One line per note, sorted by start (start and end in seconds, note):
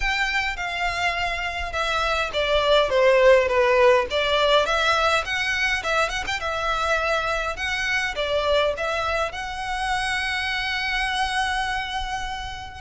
0.00 0.56 G5
0.56 1.72 F5
1.72 2.30 E5
2.33 2.89 D5
2.89 3.47 C5
3.47 4.06 B4
4.10 4.65 D5
4.65 5.23 E5
5.24 5.83 F#5
5.83 6.09 E5
6.09 6.24 F#5
6.26 6.39 G5
6.39 7.56 E5
7.56 8.14 F#5
8.15 8.74 D5
8.77 9.32 E5
9.32 12.80 F#5